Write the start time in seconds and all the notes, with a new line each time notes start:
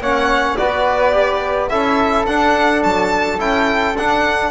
0.00 A#3 C#4 C#5 F#5
0.57 B3 F#4 B4 D5
1.12 G4
1.69 C#4 E4 A4 E5
2.27 D4 F#5
2.83 F#3 A5
3.39 C#4 E4 G5
3.95 D4 F#5